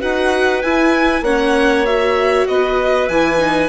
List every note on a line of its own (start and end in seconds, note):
0.00 0.64 D#4
0.00 0.62 F#4
0.00 1.24 B4
0.00 0.62 F#5
0.62 1.22 E4
0.62 1.26 E4
0.62 1.24 G#5
1.22 2.45 A#3
1.22 1.86 C#4
1.22 2.48 C#5
1.22 1.86 F#5
1.86 3.10 F#4
1.86 2.48 E5
2.48 3.09 B3
2.48 3.69 B4
2.48 3.09 D#5
3.09 3.69 E3
3.09 3.39 E4
3.09 3.69 G#5
3.39 3.69 D#4